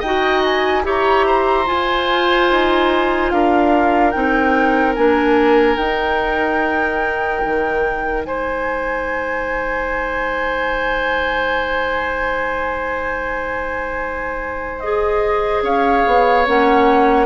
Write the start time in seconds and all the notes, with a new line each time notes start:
0.00 D#4 F#4 D#5 G5
0.45 G#5
0.84 E4 G4 C#5 A#5
1.27 C5
1.66 F4 G#5
2.51 D#4
3.31 D4 A#4 F5
4.11 C4 D#4 G5
4.95 A#3 D4 G#5
5.77 D#4 G5
7.45 D#3
8.26 G#3 C5 G#5
14.80 G#4 D#5
15.62 C#4 C#5 F5
16.07 B3
16.46 A#3 C#4 F#5